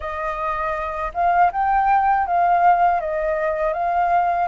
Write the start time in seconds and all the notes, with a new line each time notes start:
0.00 D#5
1.14 F5
1.51 G5
2.26 F5
3.00 D#5
3.73 F5